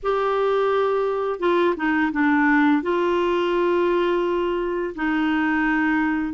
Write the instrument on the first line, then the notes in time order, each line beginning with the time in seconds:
clarinet
0.02 G4
1.39 F4
1.76 D#4
2.12 D4
2.82 F4
4.95 D#4